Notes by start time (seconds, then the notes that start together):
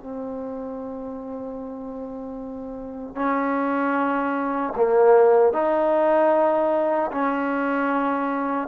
0.00 C4
3.15 C#4
4.77 A#3
5.53 D#4
7.12 C#4